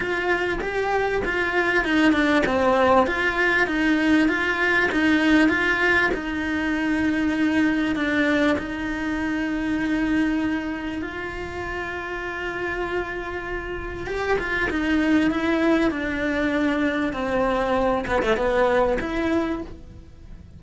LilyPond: \new Staff \with { instrumentName = "cello" } { \time 4/4 \tempo 4 = 98 f'4 g'4 f'4 dis'8 d'8 | c'4 f'4 dis'4 f'4 | dis'4 f'4 dis'2~ | dis'4 d'4 dis'2~ |
dis'2 f'2~ | f'2. g'8 f'8 | dis'4 e'4 d'2 | c'4. b16 a16 b4 e'4 | }